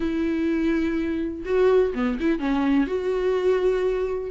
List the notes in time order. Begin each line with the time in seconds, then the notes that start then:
0.00 E4
1.45 F#4
1.94 B3
2.20 E4
2.39 C#4
2.86 F#4